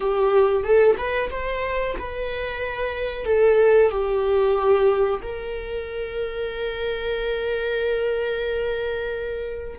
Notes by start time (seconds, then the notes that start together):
0.00 G4
0.63 A4
0.97 B4
1.30 C5
1.98 B4
3.25 A4
3.90 G4
5.22 A#4